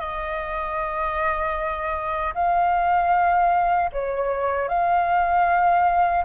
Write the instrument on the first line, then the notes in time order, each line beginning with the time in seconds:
flute
0.00 D#5
2.34 F5
3.92 C#5
4.69 F5